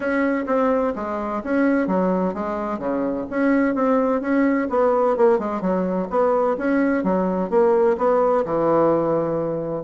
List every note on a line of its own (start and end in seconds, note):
0.00 0.45 C#4
0.46 0.93 C4
0.95 1.42 G#3
1.43 1.87 C#4
1.87 2.34 F#3
2.34 2.78 G#3
2.78 3.25 C#3
3.30 3.74 C#4
3.74 4.21 C4
4.21 4.68 C#4
4.69 5.16 B3
5.16 5.38 A#3
5.38 5.61 G#3
5.61 6.08 F#3
6.10 6.56 B3
6.57 7.03 C#4
7.03 7.50 F#3
7.50 7.96 A#3
7.97 8.44 B3
8.45 9.83 E3